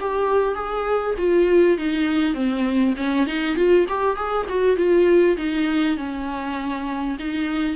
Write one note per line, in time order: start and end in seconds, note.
0.00 0.55 G4
0.55 1.15 G#4
1.18 1.78 F4
1.78 2.34 D#4
2.34 2.94 C4
2.96 3.26 C#4
3.26 3.56 D#4
3.56 3.86 F4
3.89 4.16 G4
4.16 4.46 G#4
4.49 4.76 F#4
4.76 5.36 F4
5.37 5.97 D#4
5.97 7.17 C#4
7.19 7.76 D#4